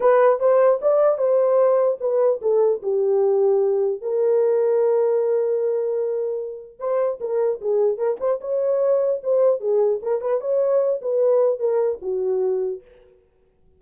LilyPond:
\new Staff \with { instrumentName = "horn" } { \time 4/4 \tempo 4 = 150 b'4 c''4 d''4 c''4~ | c''4 b'4 a'4 g'4~ | g'2 ais'2~ | ais'1~ |
ais'4 c''4 ais'4 gis'4 | ais'8 c''8 cis''2 c''4 | gis'4 ais'8 b'8 cis''4. b'8~ | b'4 ais'4 fis'2 | }